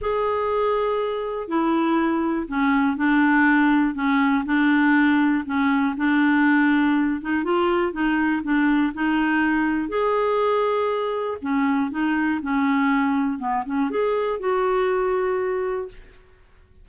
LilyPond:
\new Staff \with { instrumentName = "clarinet" } { \time 4/4 \tempo 4 = 121 gis'2. e'4~ | e'4 cis'4 d'2 | cis'4 d'2 cis'4 | d'2~ d'8 dis'8 f'4 |
dis'4 d'4 dis'2 | gis'2. cis'4 | dis'4 cis'2 b8 cis'8 | gis'4 fis'2. | }